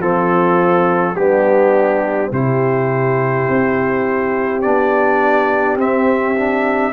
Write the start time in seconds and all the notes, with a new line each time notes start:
0.00 F3 C4 F4 A4
1.16 G3 B3 D4 G4
2.31 C3 E4 G4 C5
3.50 C4
4.62 B3 D4 D5
5.77 C4 E5
6.37 D4